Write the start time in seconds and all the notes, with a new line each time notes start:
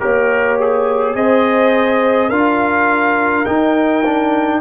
0.00 A#3 G4 A#4 C#5
0.60 G#4
1.15 C4 G#4 C5 D#5
2.29 D4 F4 A#4 F5
3.46 D#4 G5
4.05 D4